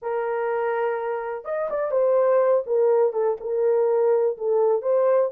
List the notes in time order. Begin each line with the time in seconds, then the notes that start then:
0.02 A#4
1.45 D#5
1.70 D5
1.91 C5
2.66 A#4
3.12 A4
3.40 A#4
4.37 A4
4.81 C5